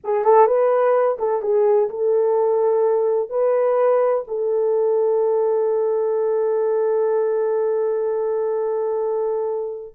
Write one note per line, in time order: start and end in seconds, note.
0.04 0.24 G#4
0.24 0.46 A4
0.46 1.17 B4
1.19 1.42 A4
1.42 1.89 G#4
1.89 3.29 A4
3.29 4.24 B4
4.27 9.94 A4